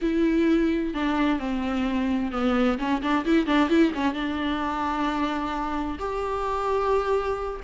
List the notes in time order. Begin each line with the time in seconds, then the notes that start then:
0.01 E4
0.94 D4
1.39 C4
2.31 B3
2.78 C#4
3.01 D4
3.25 E4
3.46 D4
3.69 E4
3.94 C#4
4.13 D4
5.98 G4